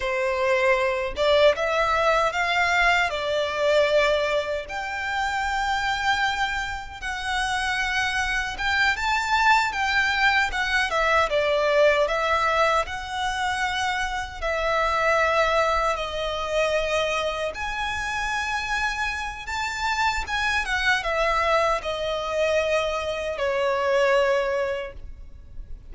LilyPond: \new Staff \with { instrumentName = "violin" } { \time 4/4 \tempo 4 = 77 c''4. d''8 e''4 f''4 | d''2 g''2~ | g''4 fis''2 g''8 a''8~ | a''8 g''4 fis''8 e''8 d''4 e''8~ |
e''8 fis''2 e''4.~ | e''8 dis''2 gis''4.~ | gis''4 a''4 gis''8 fis''8 e''4 | dis''2 cis''2 | }